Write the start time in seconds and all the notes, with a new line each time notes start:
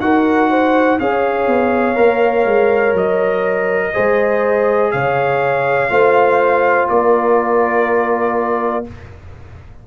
0.00 D#4 F#4 A#4 F#5
0.50 C5
0.99 C#4 G#4 C#5 F5
1.47 B3
1.95 A#3 A#4
2.45 G#3
2.93 F#3 D#5
3.93 G#3 G#4 C5
4.91 C#3 C#5 F5
5.89 A3 F4 C5
6.89 A#3 A#4 D5